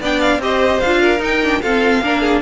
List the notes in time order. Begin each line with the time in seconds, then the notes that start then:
0.00 B3 D4 D5 G5
0.20 F5
0.38 C4 G4 C5 D#5
0.80 D4 F4 F5
1.01 A#4
1.18 D#4 G5
1.43 D4
1.61 C4 F4 A4 F5
2.01 A#3 D4 A#4
2.20 G#4